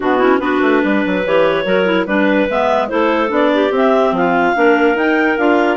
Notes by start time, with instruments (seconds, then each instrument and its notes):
0.00 bassoon B2, clarinet B3 D4 F#4
0.18 clarinet C#4 E4
0.39 bassoon B3, clarinet D4 F#4 B4
0.61 bassoon A3
0.83 bassoon G3, clarinet B4
1.05 bassoon F#3
1.26 bassoon E3, clarinet G4 C#5
1.64 bassoon F#3, clarinet F#4 A#4
1.85 clarinet E4
2.06 bassoon G3, clarinet D4 B4
2.49 bassoon G#3, clarinet B3 E5
2.88 bassoon A3, clarinet E4 A4 C5
3.28 bassoon B3, clarinet D4 D5
3.53 clarinet G4
3.70 bassoon C4, clarinet C4
3.76 clarinet E5
4.11 bassoon F3, clarinet F4 F5
4.54 bassoon A#3, clarinet D4 A#4
4.94 bassoon D#4, clarinet D#4 G5
5.37 bassoon D4, clarinet F4 F5